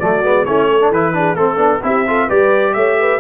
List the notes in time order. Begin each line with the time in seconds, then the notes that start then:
0.00 F#3 A3 F#4 D5
0.24 G#3 B3
0.46 A3 C#4 E4 C#5
0.68 A4
0.81 D4
0.91 E3 E4 B4
1.14 D4 G#4
1.35 A3 C4 A4
1.57 B3 D4
1.83 C4 E4 G4 E5
2.08 F4 A4
2.27 G3 G4 B4 D5
2.74 A3 C#5 E5
3.00 B4